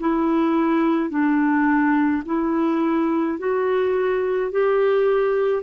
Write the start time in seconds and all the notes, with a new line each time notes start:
0.00 E4
1.10 D4
2.25 E4
3.39 F#4
4.51 G4